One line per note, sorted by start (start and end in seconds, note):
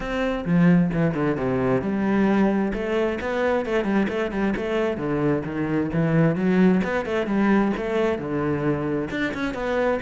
0.00 0.44 C4
0.45 0.90 F3
0.93 1.14 E3
1.14 1.37 D3
1.37 1.81 C3
1.81 2.72 G3
2.73 3.19 A3
3.20 3.65 B3
3.65 3.84 A3
3.84 4.07 G3
4.08 4.31 A3
4.31 4.54 G3
4.56 4.97 A3
4.97 5.42 D3
5.44 5.90 D#3
5.93 6.35 E3
6.35 6.81 F#3
6.83 7.05 B3
7.05 7.26 A3
7.26 7.71 G3
7.76 8.18 A3
8.18 9.09 D3
9.10 9.33 D4
9.33 9.54 C#4
9.54 9.99 B3